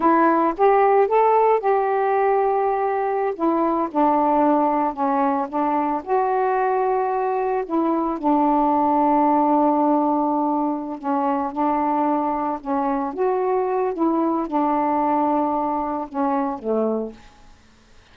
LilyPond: \new Staff \with { instrumentName = "saxophone" } { \time 4/4 \tempo 4 = 112 e'4 g'4 a'4 g'4~ | g'2~ g'16 e'4 d'8.~ | d'4~ d'16 cis'4 d'4 fis'8.~ | fis'2~ fis'16 e'4 d'8.~ |
d'1~ | d'8 cis'4 d'2 cis'8~ | cis'8 fis'4. e'4 d'4~ | d'2 cis'4 a4 | }